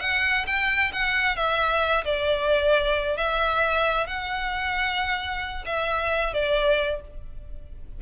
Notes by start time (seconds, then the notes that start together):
0.00 F#5
0.47 G5
0.92 F#5
1.36 E5
2.05 D5
3.17 E5
4.06 F#5
5.66 E5
6.33 D5